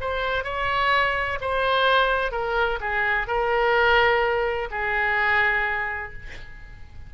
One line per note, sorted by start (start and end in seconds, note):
0.00 0.44 C5
0.44 1.38 C#5
1.41 2.31 C5
2.31 2.79 A#4
2.80 3.27 G#4
3.27 4.69 A#4
4.71 6.12 G#4